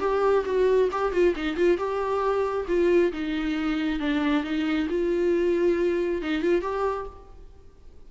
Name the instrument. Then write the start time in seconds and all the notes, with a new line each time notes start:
viola
0.00 G4
0.45 F#4
0.91 G4
1.12 F4
1.36 D#4
1.56 F4
1.77 G4
2.68 F4
3.12 D#4
4.00 D4
4.43 D#4
4.90 F4
6.22 D#4
6.42 F4
6.62 G4